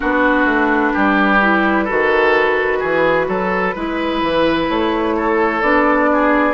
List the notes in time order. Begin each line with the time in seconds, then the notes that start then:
0.00 B3 D4 F#4 B4
0.45 A3
0.93 G3 G4
1.40 E4
1.84 D#3 F#4 A4
2.79 E3 G#4
3.28 F#3 A4
3.75 G#3 E4 B4
4.21 E3
4.69 A3 C#5
5.16 A4
5.61 B3 D4 D5
6.12 G#4